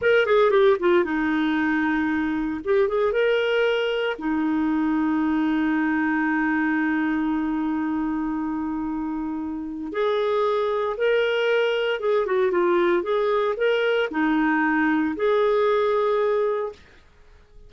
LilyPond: \new Staff \with { instrumentName = "clarinet" } { \time 4/4 \tempo 4 = 115 ais'8 gis'8 g'8 f'8 dis'2~ | dis'4 g'8 gis'8 ais'2 | dis'1~ | dis'1~ |
dis'2. gis'4~ | gis'4 ais'2 gis'8 fis'8 | f'4 gis'4 ais'4 dis'4~ | dis'4 gis'2. | }